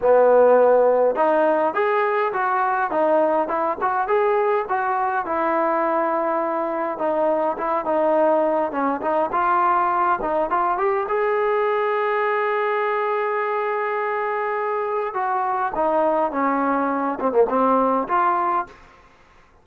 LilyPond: \new Staff \with { instrumentName = "trombone" } { \time 4/4 \tempo 4 = 103 b2 dis'4 gis'4 | fis'4 dis'4 e'8 fis'8 gis'4 | fis'4 e'2. | dis'4 e'8 dis'4. cis'8 dis'8 |
f'4. dis'8 f'8 g'8 gis'4~ | gis'1~ | gis'2 fis'4 dis'4 | cis'4. c'16 ais16 c'4 f'4 | }